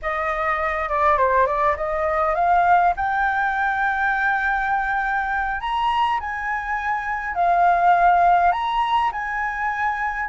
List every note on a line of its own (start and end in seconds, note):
0.02 0.89 D#5
0.89 1.17 D5
1.17 1.46 C5
1.46 1.75 D5
1.76 2.34 D#5
2.34 2.93 F5
2.96 5.60 G5
5.60 6.19 A#5
6.20 7.34 G#5
7.34 8.52 F5
8.52 9.10 A#5
9.12 10.29 G#5